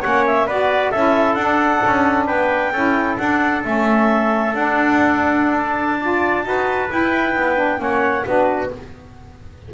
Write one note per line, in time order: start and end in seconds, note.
0.00 0.47 A#3
0.00 0.48 C#4
0.00 0.45 C#5
0.00 0.25 F#5
0.26 0.48 E5
0.46 0.92 B3
0.46 0.93 F#4
0.46 0.91 B4
0.46 0.91 D5
0.91 1.35 C#4
0.91 1.37 E4
0.91 2.26 A4
0.91 1.34 E5
1.34 1.80 D4
1.34 2.73 D4
1.34 2.24 F#5
1.86 2.29 C#4
2.26 2.72 B3
2.26 2.71 B4
2.26 3.16 G5
2.72 3.17 C#4
2.72 3.19 E4
2.72 5.99 A4
3.17 3.63 D4
3.17 3.64 D4
3.17 3.62 F#5
3.63 4.54 A3
3.63 4.53 C#4
3.63 4.54 E5
4.54 6.44 D4
4.54 6.01 D4
4.54 5.56 F#5
5.57 6.92 A5
6.00 6.43 F4
6.00 6.45 D5
6.43 6.90 D#4
6.43 6.88 F#4
6.43 7.81 B4
6.88 7.55 E4
6.88 7.34 E4
6.88 7.81 G5
7.34 7.79 B3
7.55 7.77 D4
7.77 8.24 A#3
7.77 8.22 C#4
7.77 8.26 C#5
7.77 8.25 F#5
8.25 8.71 B3
8.25 8.71 D4
8.25 8.73 F#4
8.25 8.70 B4